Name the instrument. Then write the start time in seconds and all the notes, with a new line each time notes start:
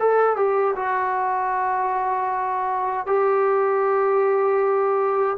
trombone
0.00 A4
0.37 G4
0.76 F#4
3.07 G4